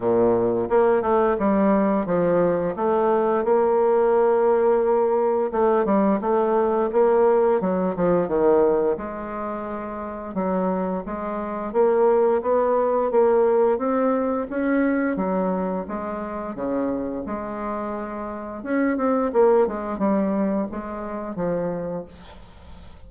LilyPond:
\new Staff \with { instrumentName = "bassoon" } { \time 4/4 \tempo 4 = 87 ais,4 ais8 a8 g4 f4 | a4 ais2. | a8 g8 a4 ais4 fis8 f8 | dis4 gis2 fis4 |
gis4 ais4 b4 ais4 | c'4 cis'4 fis4 gis4 | cis4 gis2 cis'8 c'8 | ais8 gis8 g4 gis4 f4 | }